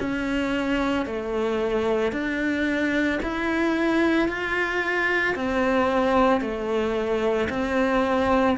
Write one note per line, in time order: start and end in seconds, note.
0.00 1.06 C#4
1.06 2.13 A3
2.13 3.20 D4
3.23 4.29 E4
4.29 5.36 F4
5.36 6.41 C4
6.41 7.49 A3
7.50 8.57 C4